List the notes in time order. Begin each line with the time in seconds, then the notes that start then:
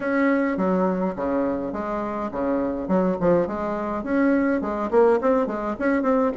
0.00 C#4
0.57 F#3
1.16 C#3
1.72 G#3
2.31 C#3
2.88 F#3
3.20 F3
3.47 G#3
4.03 C#4
4.61 G#3
4.90 A#3
5.21 C4
5.47 G#3
5.79 C#4
6.02 C4